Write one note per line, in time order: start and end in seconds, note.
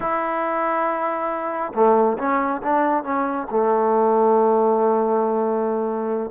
0.00 1.73 E4
1.74 2.17 A3
2.18 2.61 C#4
2.62 3.03 D4
3.03 3.47 C#4
3.50 6.30 A3